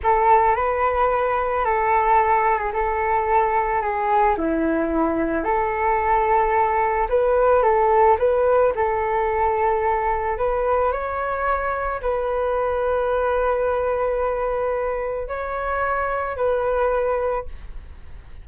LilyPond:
\new Staff \with { instrumentName = "flute" } { \time 4/4 \tempo 4 = 110 a'4 b'2 a'4~ | a'8. gis'16 a'2 gis'4 | e'2 a'2~ | a'4 b'4 a'4 b'4 |
a'2. b'4 | cis''2 b'2~ | b'1 | cis''2 b'2 | }